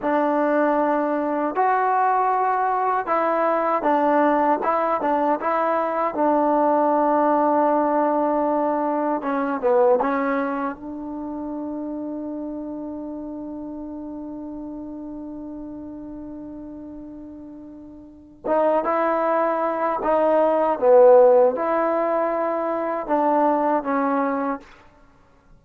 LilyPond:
\new Staff \with { instrumentName = "trombone" } { \time 4/4 \tempo 4 = 78 d'2 fis'2 | e'4 d'4 e'8 d'8 e'4 | d'1 | cis'8 b8 cis'4 d'2~ |
d'1~ | d'1 | dis'8 e'4. dis'4 b4 | e'2 d'4 cis'4 | }